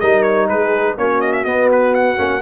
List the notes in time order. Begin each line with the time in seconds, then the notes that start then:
0.00 G3 D#4 A#4 D#5
0.22 C#5
0.49 G#3 G#4 B4
0.98 A#3 C#4 F#4 C#5
1.21 D#5
1.32 E5
1.44 B3 D#5
1.72 B4
1.94 F#5
2.17 A#3 C#4